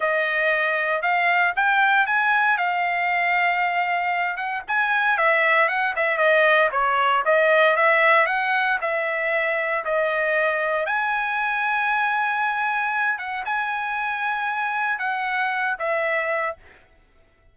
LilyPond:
\new Staff \with { instrumentName = "trumpet" } { \time 4/4 \tempo 4 = 116 dis''2 f''4 g''4 | gis''4 f''2.~ | f''8 fis''8 gis''4 e''4 fis''8 e''8 | dis''4 cis''4 dis''4 e''4 |
fis''4 e''2 dis''4~ | dis''4 gis''2.~ | gis''4. fis''8 gis''2~ | gis''4 fis''4. e''4. | }